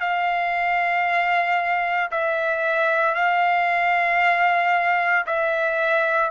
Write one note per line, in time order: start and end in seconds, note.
0.00 2.11 F5
2.11 3.15 E5
3.15 5.25 F5
5.26 6.31 E5